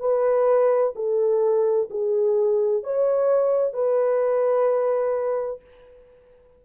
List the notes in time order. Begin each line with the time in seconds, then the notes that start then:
0.00 B4
0.96 A4
1.91 G#4
2.84 C#5
3.74 B4